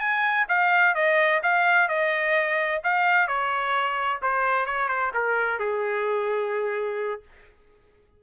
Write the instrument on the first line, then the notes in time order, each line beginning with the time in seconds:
trumpet
0.00 G#5
0.49 F5
0.95 D#5
1.43 F5
1.89 D#5
2.84 F5
3.28 C#5
4.22 C5
4.66 C#5
4.89 C5
5.14 A#4
5.59 G#4